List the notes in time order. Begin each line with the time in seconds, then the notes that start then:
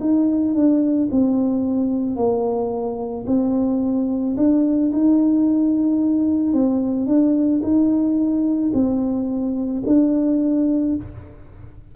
0.00 D#4
0.54 D4
1.11 C4
2.16 A#3
3.26 C4
4.36 D4
4.92 D#4
6.53 C4
7.06 D4
7.62 D#4
8.73 C4
9.86 D4